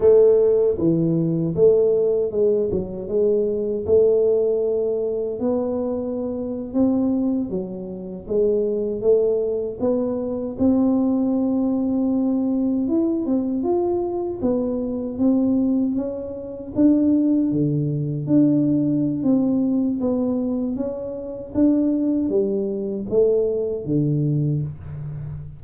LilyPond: \new Staff \with { instrumentName = "tuba" } { \time 4/4 \tempo 4 = 78 a4 e4 a4 gis8 fis8 | gis4 a2 b4~ | b8. c'4 fis4 gis4 a16~ | a8. b4 c'2~ c'16~ |
c'8. e'8 c'8 f'4 b4 c'16~ | c'8. cis'4 d'4 d4 d'16~ | d'4 c'4 b4 cis'4 | d'4 g4 a4 d4 | }